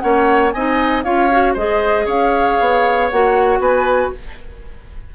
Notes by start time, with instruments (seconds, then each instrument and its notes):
0.00 bassoon A#3, clarinet C#4, oboe C#5, flute F#5
0.52 bassoon C4, clarinet D#4, oboe D#5, flute G#5
1.04 bassoon C#4, clarinet F4, oboe C#5, flute F5
1.32 clarinet F#4
1.54 bassoon G#3, clarinet G#4, oboe C5, flute D#5
2.06 bassoon C#4, oboe C#5, flute F5
2.60 bassoon B3
3.10 bassoon A#3, clarinet F#4, flute F#5
3.59 bassoon B3, oboe B4, flute G#5